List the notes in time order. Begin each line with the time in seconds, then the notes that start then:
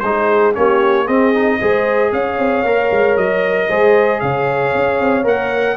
0.00 G#3 D#4 C5
0.07 G#4
0.54 A#3 C#4 G4 C#5
1.06 C4 G#4 D#5
1.34 D#4
1.60 G#3 G#4 C5
2.12 C#4 C#5 F5
2.38 C4
2.64 A#3 A#4
2.92 G#3
3.17 F#3 D#5
3.69 G#3 G#4 C5
4.21 C#3 C#5 F5
4.74 C#4
5.00 C4
5.24 A#3 A#4 F#5